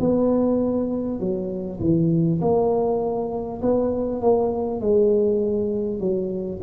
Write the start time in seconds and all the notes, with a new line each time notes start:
0.00 B3
1.20 F#3
1.81 E3
2.41 A#3
3.62 B3
4.22 A#3
4.81 G#3
6.00 F#3